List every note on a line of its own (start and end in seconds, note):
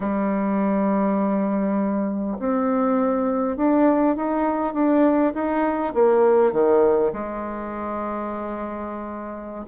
0.00 2.37 G3
2.39 3.56 C4
3.56 4.16 D4
4.16 4.73 D#4
4.73 5.33 D4
5.34 5.93 D#4
5.94 6.52 A#3
6.52 7.12 D#3
7.13 9.65 G#3